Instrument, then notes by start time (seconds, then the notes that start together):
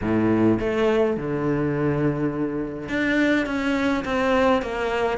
cello
0.01 A2
0.59 A3
1.16 D3
2.88 D4
3.46 C#4
4.04 C4
4.62 A#3